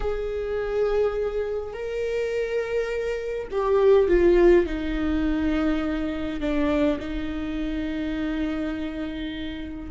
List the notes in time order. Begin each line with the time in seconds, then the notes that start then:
0.00 G#4
1.73 A#4
3.51 G4
4.08 F4
4.66 D#4
6.40 D4
6.99 D#4